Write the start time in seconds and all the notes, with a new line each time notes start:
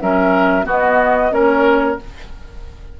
0.00 F#3 C#4 A#4 E5
0.63 B3 F#4
0.70 D#5
1.30 A#3 C#4 A#4 C#5